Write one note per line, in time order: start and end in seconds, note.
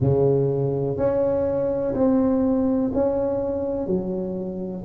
0.00 0.97 C#3
0.97 1.94 C#4
1.94 2.91 C4
2.93 3.86 C#4
3.86 4.83 F#3